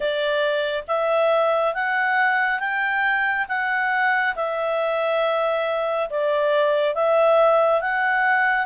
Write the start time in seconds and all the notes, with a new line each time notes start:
0.00 D5
0.87 E5
1.74 F#5
2.59 G5
3.48 F#5
4.35 E5
6.09 D5
6.94 E5
7.81 F#5